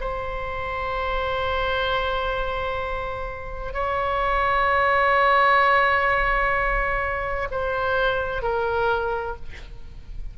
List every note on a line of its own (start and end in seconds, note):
0.00 3.73 C5
3.73 7.48 C#5
7.50 8.42 C5
8.42 9.35 A#4